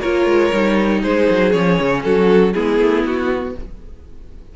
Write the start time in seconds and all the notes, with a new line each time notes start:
0.00 A#3 F4 A#4 C#5
0.25 G#3
0.52 G3 D#4
1.00 G#3 G#4 C5
1.30 F#3
1.52 F3 C#4 C#5
1.79 C#3
2.03 F#3 F#4 A4
2.53 G#3 B3 E4 G#4
2.79 A3
3.04 B3 F#4